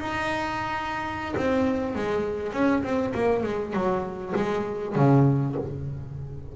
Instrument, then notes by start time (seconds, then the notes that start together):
double bass
0.00 D#4
1.37 C4
1.96 G#3
2.53 C#4
2.83 C4
3.15 A#3
3.43 G#3
3.73 F#3
4.36 G#3
4.96 C#3